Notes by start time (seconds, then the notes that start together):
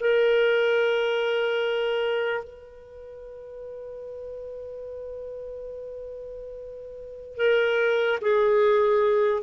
0.00 A#4
2.44 B4
7.36 A#4
8.21 G#4